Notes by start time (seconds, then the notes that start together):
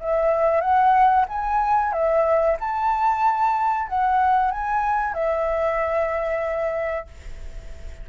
0.00 E5
0.60 F#5
1.28 G#5
1.92 E5
2.60 A5
3.88 F#5
4.51 G#5
5.13 E5